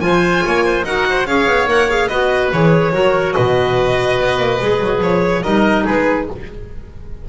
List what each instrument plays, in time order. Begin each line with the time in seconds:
0.00 double bass F3, clarinet F4, oboe C5, violin G#5
0.44 double bass A#3, oboe C#5
0.65 oboe C5
0.83 double bass D#4, clarinet F#4, oboe A#4, violin F#5
1.09 oboe C5
1.25 double bass C#4, clarinet G#4, oboe C#5, violin F5
1.46 double bass B3
1.67 double bass A#3, clarinet A#4, violin F#5
1.89 clarinet G#4, violin F5
2.07 double bass B3, clarinet F#4, oboe B4, violin D#5
2.52 double bass E3, clarinet G#4, violin C#5
2.92 double bass F#3, clarinet F#4, oboe A#4
3.33 double bass B2, oboe B4, violin D#5
4.19 double bass B3
4.37 double bass A#3
4.61 double bass G#3, clarinet G#4
4.80 double bass F#3
5.00 double bass F3, violin C#5
5.43 double bass G3, clarinet D#4, oboe A#4, violin D#5
5.84 double bass G#3, oboe G#4, violin B4